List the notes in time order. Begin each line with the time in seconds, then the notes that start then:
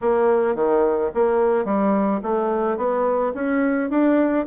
0.01 A#3
0.55 D#3
1.14 A#3
1.64 G3
2.22 A3
2.77 B3
3.34 C#4
3.89 D4